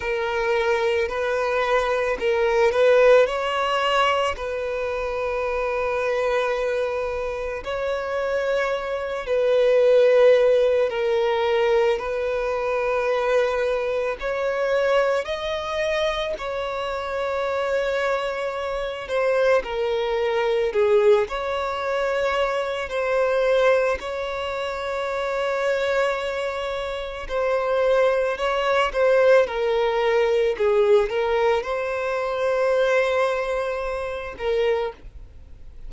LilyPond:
\new Staff \with { instrumentName = "violin" } { \time 4/4 \tempo 4 = 55 ais'4 b'4 ais'8 b'8 cis''4 | b'2. cis''4~ | cis''8 b'4. ais'4 b'4~ | b'4 cis''4 dis''4 cis''4~ |
cis''4. c''8 ais'4 gis'8 cis''8~ | cis''4 c''4 cis''2~ | cis''4 c''4 cis''8 c''8 ais'4 | gis'8 ais'8 c''2~ c''8 ais'8 | }